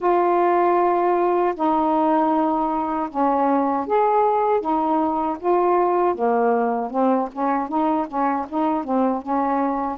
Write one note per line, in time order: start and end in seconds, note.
0.00 1.54 F4
1.55 3.09 D#4
3.10 3.86 C#4
3.86 4.60 G#4
4.60 5.37 D#4
5.39 6.14 F4
6.14 6.90 A#3
6.90 7.28 C4
7.32 7.68 C#4
7.68 8.07 D#4
8.07 8.45 C#4
8.48 8.84 D#4
8.84 9.22 C4
9.22 9.97 C#4